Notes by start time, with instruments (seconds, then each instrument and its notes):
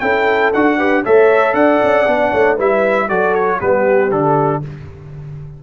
0.00 tuba C#4, trombone E4, horn A4, trumpet G5
0.53 tuba D4, trombone F#4, trumpet F#5
0.77 trombone G4, horn B4
1.05 tuba A3, trombone A4, horn C#5, trumpet E5
1.53 tuba D4, horn D5, trumpet F#5
1.83 tuba C#4
2.06 tuba B3, trombone D4
2.31 tuba A3, horn C#5
2.56 tuba G3, trombone E4, horn B4, trumpet E5
3.08 tuba F#3, trombone F#4, horn A4, trumpet D5
3.34 trumpet C#5
3.60 tuba G3, trombone B3, horn G4, trumpet B4
4.10 tuba D3, trombone D4, trumpet A4